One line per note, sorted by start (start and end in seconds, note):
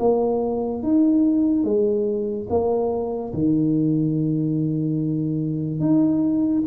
0.00 0.83 A#3
0.83 1.64 D#4
1.64 2.47 G#3
2.50 3.33 A#3
3.33 5.80 D#3
5.80 6.63 D#4